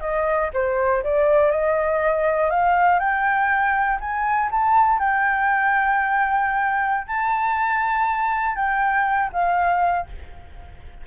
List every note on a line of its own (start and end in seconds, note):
0.00 0.50 D#5
0.53 1.03 C5
1.03 1.51 D5
1.51 2.50 D#5
2.50 2.99 F5
2.99 3.98 G5
4.00 4.49 G#5
4.51 4.99 A5
4.99 7.07 G5
7.07 8.55 A5
8.55 9.30 G5
9.32 10.07 F5